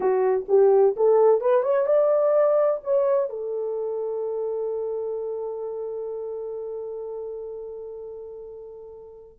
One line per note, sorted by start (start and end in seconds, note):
0.00 0.45 F#4
0.48 0.95 G4
0.96 1.40 A4
1.40 1.63 B4
1.63 1.86 C#5
1.86 2.80 D5
2.83 3.29 C#5
3.29 9.39 A4